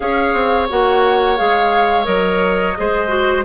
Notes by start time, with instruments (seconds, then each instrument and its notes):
0.00 bassoon C#4, clarinet G#4, oboe C#5, flute F5
0.33 bassoon C4
0.69 bassoon A#3, clarinet F#4, flute F#5
1.36 bassoon G#3, clarinet G#4, flute F5
2.04 bassoon F#3, clarinet A#4, flute D#5
2.76 bassoon G#3, clarinet G#4, oboe C5
3.07 clarinet F#4